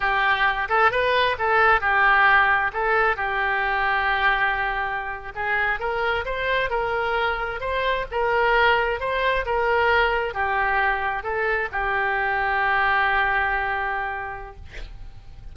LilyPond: \new Staff \with { instrumentName = "oboe" } { \time 4/4 \tempo 4 = 132 g'4. a'8 b'4 a'4 | g'2 a'4 g'4~ | g'2.~ g'8. gis'16~ | gis'8. ais'4 c''4 ais'4~ ais'16~ |
ais'8. c''4 ais'2 c''16~ | c''8. ais'2 g'4~ g'16~ | g'8. a'4 g'2~ g'16~ | g'1 | }